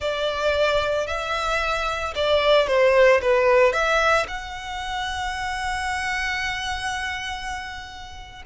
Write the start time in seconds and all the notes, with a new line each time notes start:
0.00 D5
1.06 E5
2.15 D5
2.67 C5
3.21 B4
3.73 E5
4.27 F#5